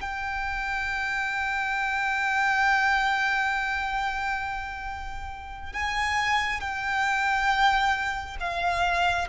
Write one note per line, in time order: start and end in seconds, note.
0.00 5.72 G5
5.72 6.60 G#5
6.60 8.37 G5
8.39 9.28 F5